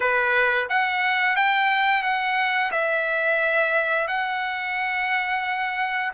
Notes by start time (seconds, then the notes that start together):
0.00 B4
0.68 F#5
1.36 G5
2.03 F#5
2.71 E5
4.07 F#5